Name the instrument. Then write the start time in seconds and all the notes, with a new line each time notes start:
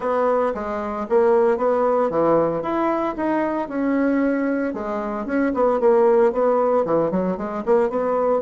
bassoon
0.00 B3
0.54 G#3
1.09 A#3
1.57 B3
2.09 E3
2.62 E4
3.16 D#4
3.68 C#4
4.73 G#3
5.26 C#4
5.54 B3
5.80 A#3
6.32 B3
6.85 E3
7.11 F#3
7.37 G#3
7.65 A#3
7.89 B3